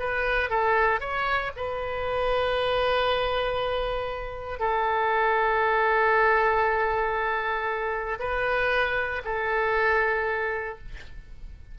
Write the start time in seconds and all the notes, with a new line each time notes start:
0.00 B4
0.50 A4
1.01 C#5
1.57 B4
4.60 A4
8.20 B4
9.25 A4